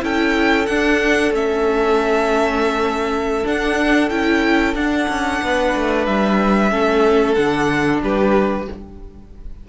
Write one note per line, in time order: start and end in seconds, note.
0.00 0.68 C#4
0.00 0.65 E4
0.00 5.42 A4
0.00 0.66 G5
0.66 1.33 D4
0.66 1.32 D4
0.66 1.32 F#5
1.32 3.44 A3
1.32 3.44 C#4
1.32 3.47 E5
3.44 4.10 D4
3.44 4.11 D4
3.44 4.09 F#5
4.09 4.74 C#4
4.09 4.75 E4
4.09 4.74 G5
4.74 5.07 D4
4.74 6.70 D4
4.74 6.06 F#5
5.08 5.41 C#4
5.42 5.74 B3
5.42 6.71 B4
5.76 6.07 A3
6.06 6.71 G3
6.06 7.34 E5
6.70 7.36 A3
6.70 7.35 C#4
6.70 8.01 A4
7.34 8.02 D3
7.34 8.67 D4
7.34 8.00 F#5
8.02 8.67 G3
8.02 8.68 G4
8.02 8.69 B4